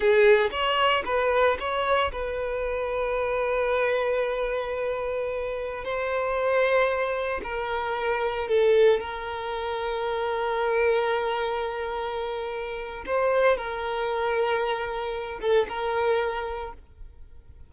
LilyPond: \new Staff \with { instrumentName = "violin" } { \time 4/4 \tempo 4 = 115 gis'4 cis''4 b'4 cis''4 | b'1~ | b'2.~ b'16 c''8.~ | c''2~ c''16 ais'4.~ ais'16~ |
ais'16 a'4 ais'2~ ais'8.~ | ais'1~ | ais'4 c''4 ais'2~ | ais'4. a'8 ais'2 | }